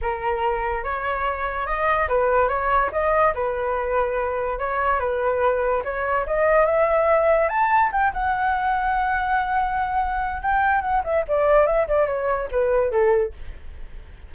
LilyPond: \new Staff \with { instrumentName = "flute" } { \time 4/4 \tempo 4 = 144 ais'2 cis''2 | dis''4 b'4 cis''4 dis''4 | b'2. cis''4 | b'2 cis''4 dis''4 |
e''2 a''4 g''8 fis''8~ | fis''1~ | fis''4 g''4 fis''8 e''8 d''4 | e''8 d''8 cis''4 b'4 a'4 | }